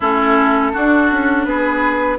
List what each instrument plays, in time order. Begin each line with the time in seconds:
0.00 bassoon A3, clarinet C#4, oboe E4, flute A4
0.73 clarinet D4, bassoon D4, oboe F#4
1.11 bassoon C#4
1.44 bassoon B3, oboe G#4, flute B4